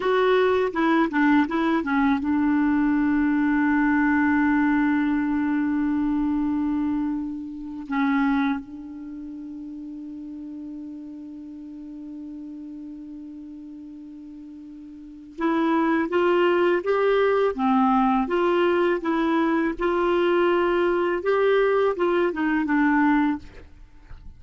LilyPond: \new Staff \with { instrumentName = "clarinet" } { \time 4/4 \tempo 4 = 82 fis'4 e'8 d'8 e'8 cis'8 d'4~ | d'1~ | d'2~ d'8. cis'4 d'16~ | d'1~ |
d'1~ | d'4 e'4 f'4 g'4 | c'4 f'4 e'4 f'4~ | f'4 g'4 f'8 dis'8 d'4 | }